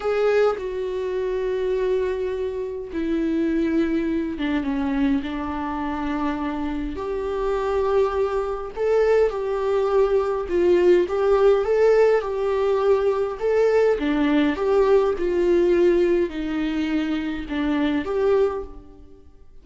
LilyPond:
\new Staff \with { instrumentName = "viola" } { \time 4/4 \tempo 4 = 103 gis'4 fis'2.~ | fis'4 e'2~ e'8 d'8 | cis'4 d'2. | g'2. a'4 |
g'2 f'4 g'4 | a'4 g'2 a'4 | d'4 g'4 f'2 | dis'2 d'4 g'4 | }